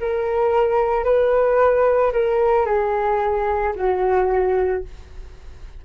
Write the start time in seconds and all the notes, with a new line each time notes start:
0.00 A#4
1.04 B4
2.13 A#4
2.66 G#4
3.76 F#4